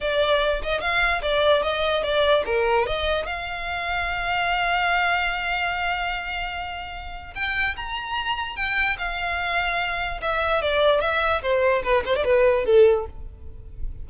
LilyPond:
\new Staff \with { instrumentName = "violin" } { \time 4/4 \tempo 4 = 147 d''4. dis''8 f''4 d''4 | dis''4 d''4 ais'4 dis''4 | f''1~ | f''1~ |
f''2 g''4 ais''4~ | ais''4 g''4 f''2~ | f''4 e''4 d''4 e''4 | c''4 b'8 c''16 d''16 b'4 a'4 | }